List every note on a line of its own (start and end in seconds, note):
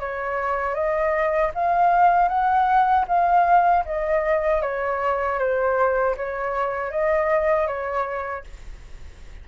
0.00 0.74 C#5
0.74 1.51 D#5
1.55 2.28 F5
2.28 3.05 F#5
3.07 3.84 F5
3.85 4.62 D#5
4.62 5.38 C#5
5.38 6.15 C5
6.16 6.91 C#5
6.91 7.67 D#5
7.67 8.44 C#5